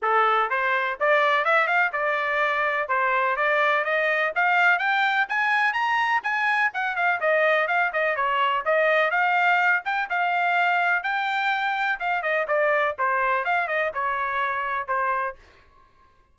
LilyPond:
\new Staff \with { instrumentName = "trumpet" } { \time 4/4 \tempo 4 = 125 a'4 c''4 d''4 e''8 f''8 | d''2 c''4 d''4 | dis''4 f''4 g''4 gis''4 | ais''4 gis''4 fis''8 f''8 dis''4 |
f''8 dis''8 cis''4 dis''4 f''4~ | f''8 g''8 f''2 g''4~ | g''4 f''8 dis''8 d''4 c''4 | f''8 dis''8 cis''2 c''4 | }